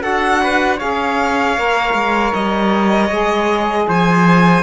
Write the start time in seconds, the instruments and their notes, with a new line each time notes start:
0.00 cello D4, saxophone F#4, trumpet A4, violin F#5
0.43 trumpet B4
0.76 saxophone G#4, trumpet C#5, violin F5
0.83 cello C#4
1.57 cello A#3, saxophone A#4
1.93 cello G#3
2.33 cello G3, violin D#5
3.09 cello G#3, saxophone G#4
3.87 cello F3, trumpet C5, violin G#5